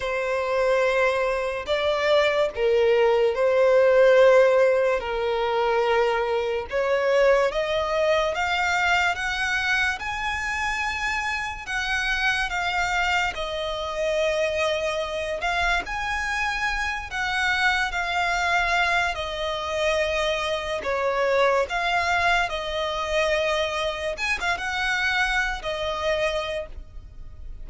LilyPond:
\new Staff \with { instrumentName = "violin" } { \time 4/4 \tempo 4 = 72 c''2 d''4 ais'4 | c''2 ais'2 | cis''4 dis''4 f''4 fis''4 | gis''2 fis''4 f''4 |
dis''2~ dis''8 f''8 gis''4~ | gis''8 fis''4 f''4. dis''4~ | dis''4 cis''4 f''4 dis''4~ | dis''4 gis''16 f''16 fis''4~ fis''16 dis''4~ dis''16 | }